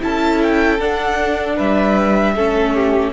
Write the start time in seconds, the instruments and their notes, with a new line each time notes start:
0.00 cello C#4, viola E4, violin A4 A5
0.43 violin G5
0.79 cello D4, viola D4, violin F#5
1.56 cello G3, violin B4 E5
2.36 cello A3, viola C#4, violin A4
2.74 violin G4